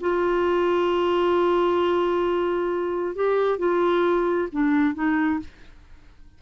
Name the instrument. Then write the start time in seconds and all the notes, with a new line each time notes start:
clarinet
0.00 F4
3.15 G4
3.58 F4
4.52 D4
4.94 D#4